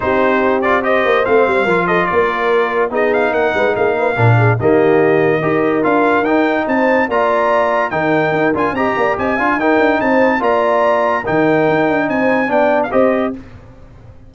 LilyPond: <<
  \new Staff \with { instrumentName = "trumpet" } { \time 4/4 \tempo 4 = 144 c''4. d''8 dis''4 f''4~ | f''8 dis''8 d''2 dis''8 f''8 | fis''4 f''2 dis''4~ | dis''2 f''4 g''4 |
a''4 ais''2 g''4~ | g''8 gis''8 ais''4 gis''4 g''4 | a''4 ais''2 g''4~ | g''4 gis''4 g''8. f''16 dis''4 | }
  \new Staff \with { instrumentName = "horn" } { \time 4/4 g'2 c''2 | ais'8 a'8 ais'2 gis'4 | ais'8 b'8 gis'8 b'8 ais'8 gis'8 g'4~ | g'4 ais'2. |
c''4 d''2 ais'4~ | ais'4 dis''8 d''8 dis''8 f''8 ais'4 | c''4 d''2 ais'4~ | ais'4 c''4 d''4 c''4 | }
  \new Staff \with { instrumentName = "trombone" } { \time 4/4 dis'4. f'8 g'4 c'4 | f'2. dis'4~ | dis'2 d'4 ais4~ | ais4 g'4 f'4 dis'4~ |
dis'4 f'2 dis'4~ | dis'8 f'8 g'4. f'8 dis'4~ | dis'4 f'2 dis'4~ | dis'2 d'4 g'4 | }
  \new Staff \with { instrumentName = "tuba" } { \time 4/4 c'2~ c'8 ais8 a8 g8 | f4 ais2 b4 | ais8 gis8 ais4 ais,4 dis4~ | dis4 dis'4 d'4 dis'4 |
c'4 ais2 dis4 | dis'8 d'8 c'8 ais8 c'8 d'8 dis'8 d'8 | c'4 ais2 dis4 | dis'8 d'8 c'4 b4 c'4 | }
>>